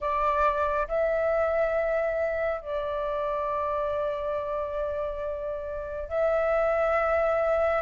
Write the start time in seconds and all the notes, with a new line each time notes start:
0.00 D5
0.87 E5
2.61 D5
6.09 E5